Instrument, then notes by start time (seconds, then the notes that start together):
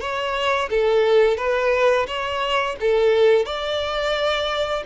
violin
0.00 C#5
0.70 A4
1.37 B4
2.07 C#5
2.80 A4
3.45 D5